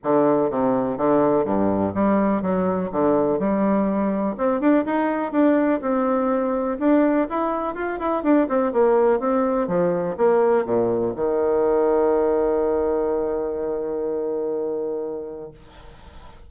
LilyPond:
\new Staff \with { instrumentName = "bassoon" } { \time 4/4 \tempo 4 = 124 d4 c4 d4 g,4 | g4 fis4 d4 g4~ | g4 c'8 d'8 dis'4 d'4 | c'2 d'4 e'4 |
f'8 e'8 d'8 c'8 ais4 c'4 | f4 ais4 ais,4 dis4~ | dis1~ | dis1 | }